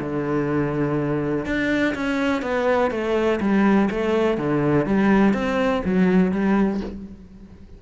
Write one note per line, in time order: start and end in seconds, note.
0.00 1.46 D3
1.46 1.95 D4
1.95 2.42 C#4
2.42 2.91 B3
2.91 3.40 A3
3.41 3.89 G3
3.91 4.38 A3
4.38 4.86 D3
4.86 5.34 G3
5.34 5.83 C4
5.85 6.32 F#3
6.32 6.80 G3